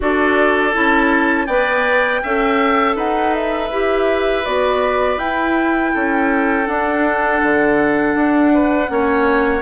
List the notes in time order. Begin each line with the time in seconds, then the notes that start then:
0.00 D4 F#4 A4 D5
0.73 C#4 E4 A5
1.46 B3 B4 D5 G5
2.23 C#4 A4 E5
2.95 D#4 B4 F#5
3.34 E5
3.69 E4 G4
4.44 B3 F#4 D5
5.17 E4 G5
5.93 C#4 A4
6.65 D4 F#5
7.42 D3
8.15 D4
8.54 B4
8.87 A#3 C#4 C#5